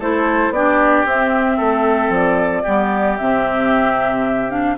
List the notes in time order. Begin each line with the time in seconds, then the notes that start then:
0.00 A3 E4 A4 C5
0.50 B3 D4 G4 D5
1.06 C4 E5
1.58 A3 A4
2.10 F3 D5
2.63 G3 B3 G4
3.17 C3 C4 E5
4.50 D4 F5